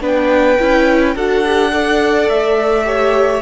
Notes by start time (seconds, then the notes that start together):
0.00 B3 D4 B4 G5
0.59 C#4 E4
1.15 D4 F#4 A4 F#5
1.45 G4
1.71 A4 D5
2.29 A3 E5
2.84 G4 C#5